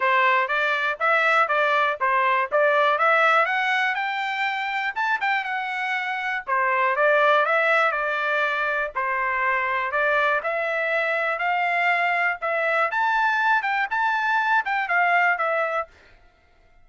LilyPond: \new Staff \with { instrumentName = "trumpet" } { \time 4/4 \tempo 4 = 121 c''4 d''4 e''4 d''4 | c''4 d''4 e''4 fis''4 | g''2 a''8 g''8 fis''4~ | fis''4 c''4 d''4 e''4 |
d''2 c''2 | d''4 e''2 f''4~ | f''4 e''4 a''4. g''8 | a''4. g''8 f''4 e''4 | }